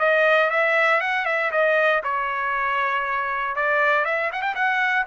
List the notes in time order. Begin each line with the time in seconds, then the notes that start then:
0.00 D#5
0.50 E5
1.01 F#5
1.26 E5
1.52 D#5
2.04 C#5
3.56 D5
4.05 E5
4.32 F#5
4.42 G5
4.55 F#5